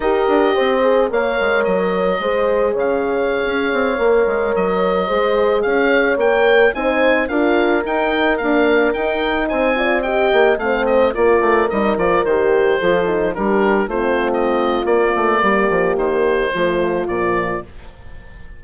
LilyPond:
<<
  \new Staff \with { instrumentName = "oboe" } { \time 4/4 \tempo 4 = 109 dis''2 f''4 dis''4~ | dis''4 f''2.~ | f''16 dis''2 f''4 g''8.~ | g''16 gis''4 f''4 g''4 f''8.~ |
f''16 g''4 gis''4 g''4 f''8 dis''16~ | dis''16 d''4 dis''8 d''8 c''4.~ c''16~ | c''16 ais'4 c''8. dis''4 d''4~ | d''4 c''2 d''4 | }
  \new Staff \with { instrumentName = "horn" } { \time 4/4 ais'4 c''4 cis''2 | c''4 cis''2.~ | cis''4~ cis''16 c''4 cis''4.~ cis''16~ | cis''16 c''4 ais'2~ ais'8.~ |
ais'4~ ais'16 c''8 d''8 dis''4 c''8.~ | c''16 ais'2. a'8.~ | a'16 g'4 f'2~ f'8. | g'2 f'2 | }
  \new Staff \with { instrumentName = "horn" } { \time 4/4 g'4. gis'8 ais'2 | gis'2.~ gis'16 ais'8.~ | ais'4~ ais'16 gis'2 ais'8.~ | ais'16 dis'4 f'4 dis'4 ais8.~ |
ais16 dis'4. f'8 g'4 c'8.~ | c'16 f'4 dis'8 f'8 g'4 f'8 dis'16~ | dis'16 d'4 c'4.~ c'16 ais4~ | ais2 a4 f4 | }
  \new Staff \with { instrumentName = "bassoon" } { \time 4/4 dis'8 d'8 c'4 ais8 gis8 fis4 | gis4 cis4~ cis16 cis'8 c'8 ais8 gis16~ | gis16 fis4 gis4 cis'4 ais8.~ | ais16 c'4 d'4 dis'4 d'8.~ |
d'16 dis'4 c'4. ais8 a8.~ | a16 ais8 a8 g8 f8 dis4 f8.~ | f16 g4 a4.~ a16 ais8 a8 | g8 f8 dis4 f4 ais,4 | }
>>